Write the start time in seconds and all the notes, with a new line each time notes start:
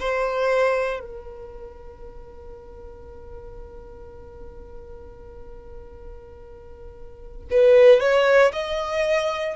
0.00 C5
1.00 A#4
7.51 B4
8.00 C#5
8.53 D#5